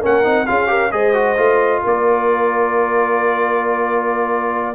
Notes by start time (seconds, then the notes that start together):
0.00 A#3 C#4 A#4 F#5
0.24 C4 D#4
0.47 C#4 F4 G#4 F5
0.67 G4 A#4
0.92 G#3 G#4 C5 D#5
1.14 F#4
1.37 A3 F4
1.83 A#3 A#4 D5